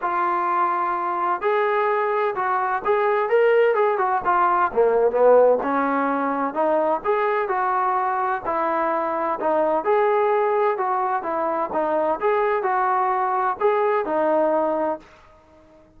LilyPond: \new Staff \with { instrumentName = "trombone" } { \time 4/4 \tempo 4 = 128 f'2. gis'4~ | gis'4 fis'4 gis'4 ais'4 | gis'8 fis'8 f'4 ais4 b4 | cis'2 dis'4 gis'4 |
fis'2 e'2 | dis'4 gis'2 fis'4 | e'4 dis'4 gis'4 fis'4~ | fis'4 gis'4 dis'2 | }